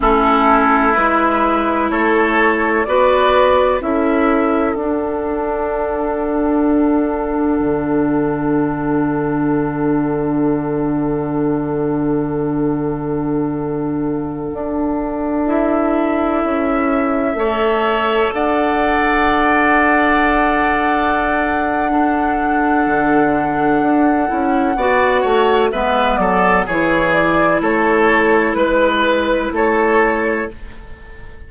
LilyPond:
<<
  \new Staff \with { instrumentName = "flute" } { \time 4/4 \tempo 4 = 63 a'4 b'4 cis''4 d''4 | e''4 fis''2.~ | fis''1~ | fis''1~ |
fis''16 e''2. fis''8.~ | fis''1~ | fis''2. e''8 d''8 | cis''8 d''8 cis''4 b'4 cis''4 | }
  \new Staff \with { instrumentName = "oboe" } { \time 4/4 e'2 a'4 b'4 | a'1~ | a'1~ | a'1~ |
a'2~ a'16 cis''4 d''8.~ | d''2. a'4~ | a'2 d''8 cis''8 b'8 a'8 | gis'4 a'4 b'4 a'4 | }
  \new Staff \with { instrumentName = "clarinet" } { \time 4/4 cis'4 e'2 fis'4 | e'4 d'2.~ | d'1~ | d'1~ |
d'16 e'2 a'4.~ a'16~ | a'2. d'4~ | d'4. e'8 fis'4 b4 | e'1 | }
  \new Staff \with { instrumentName = "bassoon" } { \time 4/4 a4 gis4 a4 b4 | cis'4 d'2. | d1~ | d2.~ d16 d'8.~ |
d'4~ d'16 cis'4 a4 d'8.~ | d'1 | d4 d'8 cis'8 b8 a8 gis8 fis8 | e4 a4 gis4 a4 | }
>>